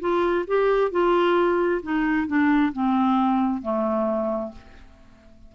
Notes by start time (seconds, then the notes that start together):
0.00 F4
0.47 G4
0.91 F4
1.83 D#4
2.27 D4
2.73 C4
3.62 A3